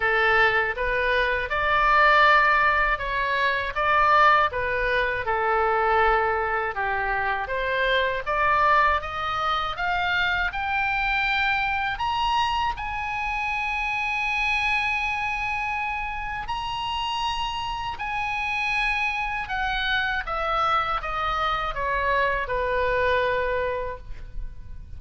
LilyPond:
\new Staff \with { instrumentName = "oboe" } { \time 4/4 \tempo 4 = 80 a'4 b'4 d''2 | cis''4 d''4 b'4 a'4~ | a'4 g'4 c''4 d''4 | dis''4 f''4 g''2 |
ais''4 gis''2.~ | gis''2 ais''2 | gis''2 fis''4 e''4 | dis''4 cis''4 b'2 | }